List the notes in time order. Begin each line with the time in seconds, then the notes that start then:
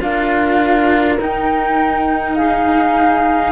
0.00 D4 F4 A#4 F5
1.20 D#4 G5
2.35 G#4 F5